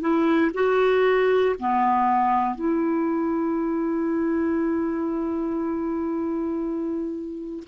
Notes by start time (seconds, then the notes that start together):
0.00 E4
0.54 F#4
1.59 B3
2.55 E4